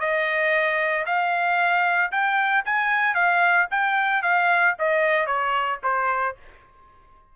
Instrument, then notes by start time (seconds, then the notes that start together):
trumpet
0.00 D#5
1.06 F5
2.12 G5
2.65 G#5
3.15 F5
3.71 G5
4.23 F5
4.79 D#5
5.27 C#5
5.83 C5